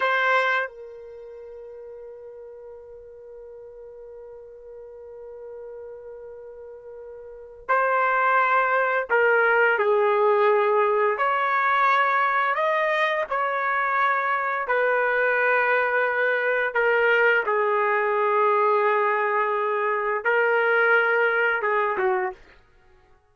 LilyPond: \new Staff \with { instrumentName = "trumpet" } { \time 4/4 \tempo 4 = 86 c''4 ais'2.~ | ais'1~ | ais'2. c''4~ | c''4 ais'4 gis'2 |
cis''2 dis''4 cis''4~ | cis''4 b'2. | ais'4 gis'2.~ | gis'4 ais'2 gis'8 fis'8 | }